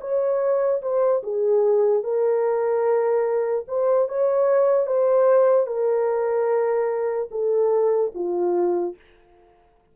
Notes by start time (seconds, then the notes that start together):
0.00 C#5
0.81 C5
1.23 G#4
2.03 A#4
3.68 C5
4.08 C#5
4.86 C5
5.66 A#4
7.30 A4
8.14 F4